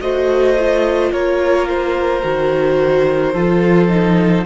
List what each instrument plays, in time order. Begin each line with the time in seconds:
0.00 cello A3, viola F#4, violin C5 D#5
0.58 viola F4
1.12 cello A#3, violin A#4 C#5
1.68 violin C5
2.22 cello D#3, viola F#4
3.33 cello F3, viola F4, violin A4
3.88 viola D#4